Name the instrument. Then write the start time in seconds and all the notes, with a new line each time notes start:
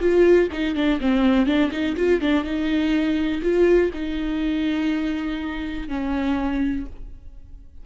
viola
0.00 F4
0.52 D#4
0.75 D4
1.01 C4
1.47 D4
1.72 D#4
1.96 F4
2.21 D4
2.44 D#4
3.42 F4
3.94 D#4
5.88 C#4